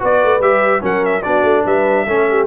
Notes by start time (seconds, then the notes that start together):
0.00 B3 F#4 B4 D5
0.24 A3
0.40 G3 G4 E5
0.81 F#3 C#4 A#4 F#5
1.05 E5
1.23 B3 D4 F#4 D5
1.44 A3
1.65 G3 B4 E5
2.06 A3 C#4 A4
2.30 G4